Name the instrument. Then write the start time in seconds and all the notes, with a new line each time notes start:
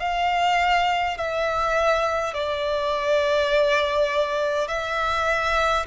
violin
0.00 F5
1.18 E5
2.34 D5
4.68 E5